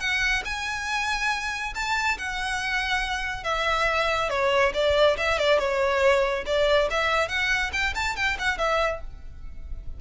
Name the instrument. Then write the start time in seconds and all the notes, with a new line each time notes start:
violin
0.00 F#5
0.45 G#5
1.75 A5
2.18 F#5
3.44 E5
4.30 C#5
4.74 D5
5.17 E5
5.39 D5
5.59 C#5
6.46 D5
6.91 E5
7.29 F#5
7.73 G5
7.95 A5
8.16 G5
8.39 F#5
8.58 E5